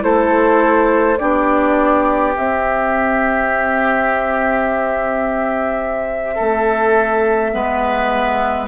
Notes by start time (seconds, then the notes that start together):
0.00 A3 E4 A4 C5
1.18 B3 D4 G4 D5
2.34 C4 E5
6.35 A3 A4
7.51 G#3 B3 B4